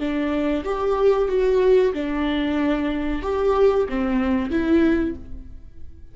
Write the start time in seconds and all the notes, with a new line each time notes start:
0.00 D4
0.65 G4
1.29 F#4
1.94 D4
3.23 G4
3.90 C4
4.51 E4